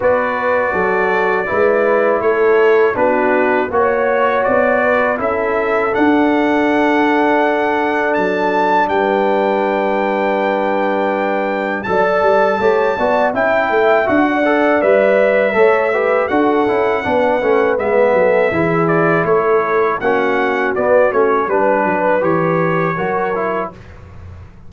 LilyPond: <<
  \new Staff \with { instrumentName = "trumpet" } { \time 4/4 \tempo 4 = 81 d''2. cis''4 | b'4 cis''4 d''4 e''4 | fis''2. a''4 | g''1 |
a''2 g''4 fis''4 | e''2 fis''2 | e''4. d''8 cis''4 fis''4 | d''8 cis''8 b'4 cis''2 | }
  \new Staff \with { instrumentName = "horn" } { \time 4/4 b'4 a'4 b'4 a'4 | fis'4 cis''4. b'8 a'4~ | a'1 | b'1 |
d''4 cis''8 d''8 e''4~ e''16 d''8.~ | d''4 cis''8 b'8 a'4 b'4~ | b'8 a'8 gis'4 a'4 fis'4~ | fis'4 b'2 ais'4 | }
  \new Staff \with { instrumentName = "trombone" } { \time 4/4 fis'2 e'2 | d'4 fis'2 e'4 | d'1~ | d'1 |
a'4 g'8 fis'8 e'4 fis'8 a'8 | b'4 a'8 g'8 fis'8 e'8 d'8 cis'8 | b4 e'2 cis'4 | b8 cis'8 d'4 g'4 fis'8 e'8 | }
  \new Staff \with { instrumentName = "tuba" } { \time 4/4 b4 fis4 gis4 a4 | b4 ais4 b4 cis'4 | d'2. fis4 | g1 |
fis8 g8 a8 b8 cis'8 a8 d'4 | g4 a4 d'8 cis'8 b8 a8 | gis8 fis8 e4 a4 ais4 | b8 a8 g8 fis8 e4 fis4 | }
>>